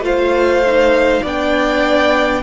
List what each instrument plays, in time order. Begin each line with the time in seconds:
0.00 cello A3, viola F4, violin C5 F5
0.66 viola D#4
1.22 cello B3, viola D4, violin D5 G5